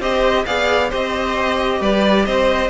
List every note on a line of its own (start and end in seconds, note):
0.00 0.45 C4
0.00 0.46 G4
0.00 0.45 C5
0.00 0.46 D#5
0.46 0.92 B3
0.46 0.91 G#4
0.46 0.90 D5
0.46 0.90 F5
0.90 1.81 C4
0.90 2.70 G4
0.90 1.79 C5
0.90 1.82 D#5
1.81 2.26 G3
1.81 2.25 B4
1.81 2.26 D5
2.26 2.70 C4
2.26 2.70 C5
2.26 2.70 D#5